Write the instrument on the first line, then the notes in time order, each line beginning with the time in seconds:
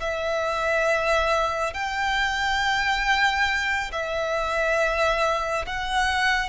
violin
0.00 E5
1.74 G5
3.92 E5
5.66 F#5